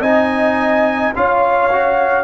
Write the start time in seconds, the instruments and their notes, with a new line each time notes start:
0.00 tuba C4, trombone D#4, horn D#5, trumpet G#5
1.15 tuba C#4, trombone F4, horn C#5, trumpet F5
1.71 trombone F#4